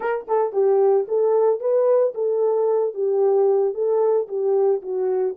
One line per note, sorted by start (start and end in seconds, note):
0.00 0.26 A#4
0.27 0.52 A4
0.52 1.06 G4
1.08 1.59 A4
1.59 2.13 B4
2.14 2.94 A4
2.94 3.74 G4
3.74 4.27 A4
4.27 4.81 G4
4.81 5.35 F#4